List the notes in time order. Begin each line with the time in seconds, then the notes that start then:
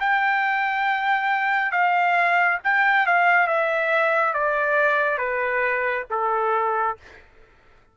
0.00 G5
1.72 F5
2.64 G5
3.06 F5
3.47 E5
4.34 D5
5.18 B4
6.11 A4